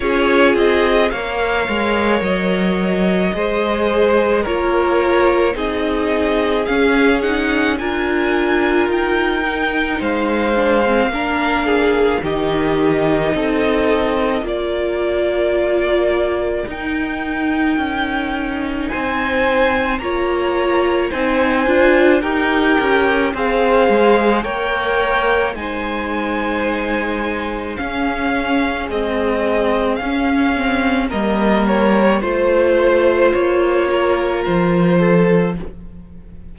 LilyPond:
<<
  \new Staff \with { instrumentName = "violin" } { \time 4/4 \tempo 4 = 54 cis''8 dis''8 f''4 dis''2 | cis''4 dis''4 f''8 fis''8 gis''4 | g''4 f''2 dis''4~ | dis''4 d''2 g''4~ |
g''4 gis''4 ais''4 gis''4 | g''4 f''4 g''4 gis''4~ | gis''4 f''4 dis''4 f''4 | dis''8 cis''8 c''4 cis''4 c''4 | }
  \new Staff \with { instrumentName = "violin" } { \time 4/4 gis'4 cis''2 c''4 | ais'4 gis'2 ais'4~ | ais'4 c''4 ais'8 gis'8 g'4 | a'4 ais'2.~ |
ais'4 c''4 cis''4 c''4 | ais'4 c''4 cis''4 c''4~ | c''4 gis'2. | ais'4 c''4. ais'4 a'8 | }
  \new Staff \with { instrumentName = "viola" } { \time 4/4 f'4 ais'2 gis'4 | f'4 dis'4 cis'8 dis'8 f'4~ | f'8 dis'4 d'16 c'16 d'4 dis'4~ | dis'4 f'2 dis'4~ |
dis'2 f'4 dis'8 f'8 | g'4 gis'4 ais'4 dis'4~ | dis'4 cis'4 gis4 cis'8 c'8 | ais4 f'2. | }
  \new Staff \with { instrumentName = "cello" } { \time 4/4 cis'8 c'8 ais8 gis8 fis4 gis4 | ais4 c'4 cis'4 d'4 | dis'4 gis4 ais4 dis4 | c'4 ais2 dis'4 |
cis'4 c'4 ais4 c'8 d'8 | dis'8 cis'8 c'8 gis8 ais4 gis4~ | gis4 cis'4 c'4 cis'4 | g4 a4 ais4 f4 | }
>>